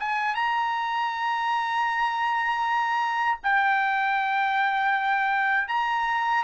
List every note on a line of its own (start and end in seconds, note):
0.00 0.36 G#5
0.36 3.39 A#5
3.44 5.69 G5
5.69 6.44 A#5